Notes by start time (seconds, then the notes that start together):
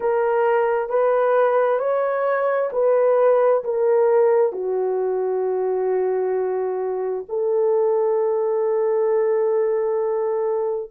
0.00 A#4
0.88 B4
1.79 C#5
2.72 B4
3.64 A#4
4.52 F#4
7.28 A4